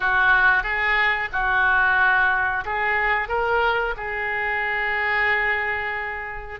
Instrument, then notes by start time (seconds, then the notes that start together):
oboe
0.00 F#4
0.63 G#4
1.32 F#4
2.65 G#4
3.28 A#4
3.97 G#4